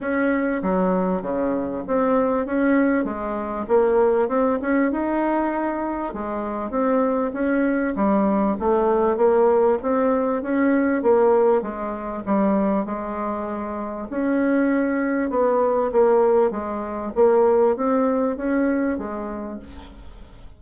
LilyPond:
\new Staff \with { instrumentName = "bassoon" } { \time 4/4 \tempo 4 = 98 cis'4 fis4 cis4 c'4 | cis'4 gis4 ais4 c'8 cis'8 | dis'2 gis4 c'4 | cis'4 g4 a4 ais4 |
c'4 cis'4 ais4 gis4 | g4 gis2 cis'4~ | cis'4 b4 ais4 gis4 | ais4 c'4 cis'4 gis4 | }